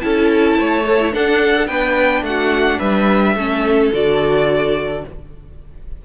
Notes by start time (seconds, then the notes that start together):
0.00 C#4 E4 A4 A5
0.58 A3 C#5
0.85 A4
1.00 E4
1.12 D4 A4 F#5
1.54 A4
1.67 B3 D4 B4 G5
2.22 A3 F#5
2.29 F#4
2.79 G3 B4 E5
3.35 A3 C#4 A4
3.92 D3 F#4 D5